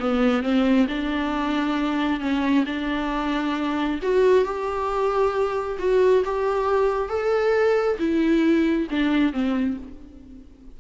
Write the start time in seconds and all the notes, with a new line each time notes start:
0.00 B3
0.43 C4
0.88 D4
2.20 C#4
2.66 D4
4.03 F#4
4.44 G4
5.79 F#4
6.25 G4
7.09 A4
7.99 E4
8.91 D4
9.33 C4